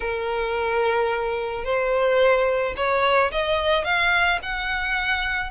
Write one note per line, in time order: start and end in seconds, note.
0.00 1.64 A#4
1.64 2.74 C5
2.76 3.31 C#5
3.31 3.84 D#5
3.84 4.39 F5
4.42 5.50 F#5